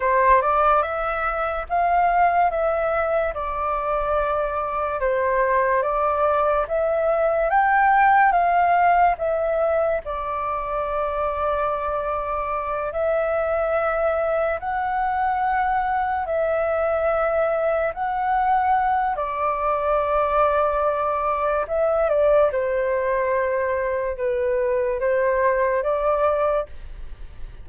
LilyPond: \new Staff \with { instrumentName = "flute" } { \time 4/4 \tempo 4 = 72 c''8 d''8 e''4 f''4 e''4 | d''2 c''4 d''4 | e''4 g''4 f''4 e''4 | d''2.~ d''8 e''8~ |
e''4. fis''2 e''8~ | e''4. fis''4. d''4~ | d''2 e''8 d''8 c''4~ | c''4 b'4 c''4 d''4 | }